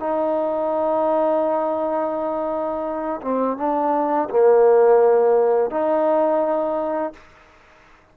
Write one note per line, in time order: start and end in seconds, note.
0.00 3.21 D#4
3.22 3.58 C4
3.58 4.29 D4
4.30 5.71 A#3
5.71 7.14 D#4